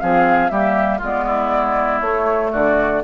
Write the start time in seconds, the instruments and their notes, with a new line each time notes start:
0.00 bassoon F3, clarinet C4, oboe G#4, flute F5
0.49 bassoon G3, clarinet A#3, oboe G4, flute E5
0.98 bassoon G#3, clarinet B3, oboe F4
1.04 flute D5
1.26 oboe E4
2.00 bassoon A3, clarinet A3, flute C#5
2.52 bassoon D3, oboe F#4, flute D5